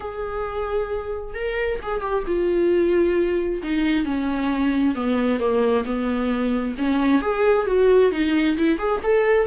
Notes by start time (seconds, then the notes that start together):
0.00 G#4
1.34 A#4
1.82 G#4
2.01 G4
2.26 F4
3.62 D#4
4.05 C#4
4.95 B3
5.39 A#3
5.85 B3
6.78 C#4
7.21 G#4
7.66 F#4
8.11 D#4
8.57 E4
8.78 G#4
9.03 A4